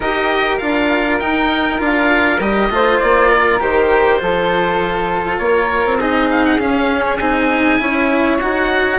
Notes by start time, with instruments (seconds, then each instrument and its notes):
0.00 bassoon D#4, cello G4, flute A#4, oboe D#5
0.57 bassoon D4, cello F4, oboe F5
1.19 cello D#4, bassoon D#4, oboe G5
1.78 bassoon D4, cello F4
1.85 oboe F5
2.39 bassoon G3, cello G4, oboe D#5
2.70 bassoon A3, cello F4, flute C5
2.99 bassoon A#3, oboe D5
3.29 flute A#4
3.60 bassoon D#3, cello G4, oboe C5
4.19 bassoon F3, cello F4, flute A4
5.38 bassoon A#3, flute A#4, oboe C#5
5.85 bassoon C4
5.99 cello D#4, flute G#4, oboe D#5
6.30 oboe F5
6.44 oboe F#5
6.58 bassoon C#4, cello C#4, oboe F5
7.05 oboe C#5
7.18 bassoon C4, cello D#4, oboe G#5
7.79 bassoon C#4, cello E4, flute C#5
8.40 bassoon D#4, cello F#4, oboe F#5